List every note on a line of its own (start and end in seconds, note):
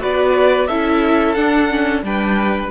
0.00 0.69 B3
0.00 0.67 F#4
0.00 0.67 B4
0.00 0.67 D5
0.67 1.36 C#4
0.67 1.36 E4
0.67 2.02 A4
0.67 1.34 E5
1.34 1.69 D4
1.34 2.02 D4
1.34 2.01 F#5
1.69 2.02 C#4
2.02 2.70 G3
2.02 2.71 D4
2.02 2.71 B4
2.02 2.71 G5